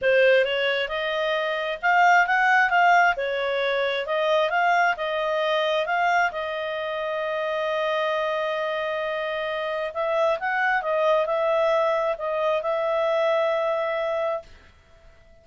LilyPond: \new Staff \with { instrumentName = "clarinet" } { \time 4/4 \tempo 4 = 133 c''4 cis''4 dis''2 | f''4 fis''4 f''4 cis''4~ | cis''4 dis''4 f''4 dis''4~ | dis''4 f''4 dis''2~ |
dis''1~ | dis''2 e''4 fis''4 | dis''4 e''2 dis''4 | e''1 | }